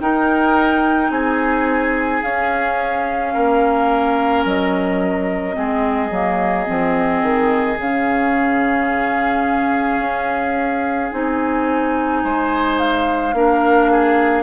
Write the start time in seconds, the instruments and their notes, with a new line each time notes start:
0.00 bassoon D#4, clarinet D#4, oboe A#4, flute G5
1.10 bassoon C4, oboe G#4, flute G#5
2.23 clarinet C#4, bassoon C#4, flute F5
3.34 bassoon A#3, oboe A#4
4.45 bassoon F#3, flute D#5
5.53 bassoon G#3, clarinet C4, oboe G#4
6.10 bassoon F#3, clarinet A#3
6.66 bassoon F3, clarinet C4
7.22 bassoon D#3
7.77 bassoon C#3, clarinet C#4, flute F5
10.00 bassoon C#4
11.11 bassoon C4, clarinet D#4, flute G#5
12.24 bassoon G#3, oboe C5
12.79 flute F5
13.34 bassoon A#3, clarinet D4, oboe A#4
13.91 oboe G#4